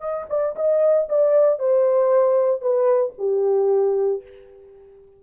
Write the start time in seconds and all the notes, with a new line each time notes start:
0.00 D#5
0.29 D5
0.56 D#5
1.09 D5
1.59 C5
2.61 B4
3.18 G4